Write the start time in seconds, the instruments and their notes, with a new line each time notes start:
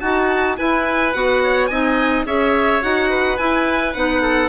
0.00 bassoon D#4, oboe F#4, clarinet F#4, violin A5
0.56 clarinet E4, bassoon E4, oboe B4, violin G#5
1.13 bassoon B3, clarinet F#4, violin F#5
1.43 oboe C#5
1.67 bassoon C4, clarinet D#4, oboe D#5, violin G#5
2.25 bassoon C#4, clarinet G#4, oboe C#5, violin E5
2.81 bassoon D#4, clarinet F#4, violin F#5
3.09 oboe B4
3.37 clarinet E4, bassoon E4, violin G#5
3.94 bassoon B3, clarinet D#4, violin F#5
4.22 oboe A4